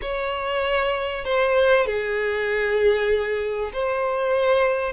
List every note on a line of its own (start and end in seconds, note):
0.01 1.25 C#5
1.25 1.86 C5
1.86 3.71 G#4
3.73 4.92 C5